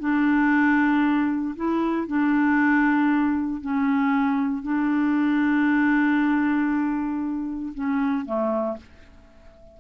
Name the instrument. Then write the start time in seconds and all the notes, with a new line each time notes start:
clarinet
0.00 D4
1.56 E4
2.07 D4
3.61 C#4
4.63 D4
7.74 C#4
8.26 A3